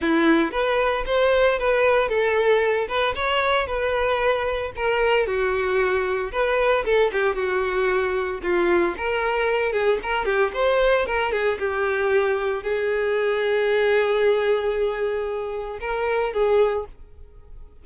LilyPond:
\new Staff \with { instrumentName = "violin" } { \time 4/4 \tempo 4 = 114 e'4 b'4 c''4 b'4 | a'4. b'8 cis''4 b'4~ | b'4 ais'4 fis'2 | b'4 a'8 g'8 fis'2 |
f'4 ais'4. gis'8 ais'8 g'8 | c''4 ais'8 gis'8 g'2 | gis'1~ | gis'2 ais'4 gis'4 | }